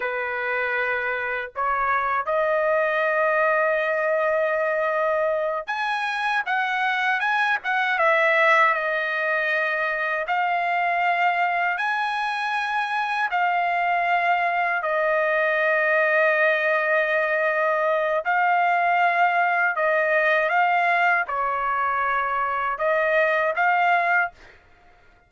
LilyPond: \new Staff \with { instrumentName = "trumpet" } { \time 4/4 \tempo 4 = 79 b'2 cis''4 dis''4~ | dis''2.~ dis''8 gis''8~ | gis''8 fis''4 gis''8 fis''8 e''4 dis''8~ | dis''4. f''2 gis''8~ |
gis''4. f''2 dis''8~ | dis''1 | f''2 dis''4 f''4 | cis''2 dis''4 f''4 | }